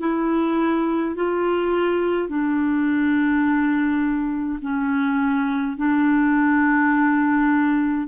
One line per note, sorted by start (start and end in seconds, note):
0.00 1.15 E4
1.15 2.29 F4
2.29 4.60 D4
4.62 5.77 C#4
5.77 8.08 D4